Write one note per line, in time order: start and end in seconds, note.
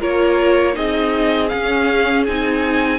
0.00 0.77 A#3
0.00 0.74 F4
0.00 0.75 A#4
0.00 0.77 C#5
0.74 1.52 C4
0.74 1.49 D#4
0.74 2.99 G#4
0.74 1.49 D#5
1.49 2.27 C#4
1.49 2.28 C#4
1.49 2.24 F5
2.27 2.99 C4
2.27 2.99 D#4
2.27 2.99 G#5